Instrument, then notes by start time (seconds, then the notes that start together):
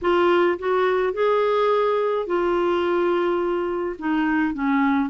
clarinet
0.01 F4
0.58 F#4
1.13 G#4
2.26 F4
3.99 D#4
4.54 C#4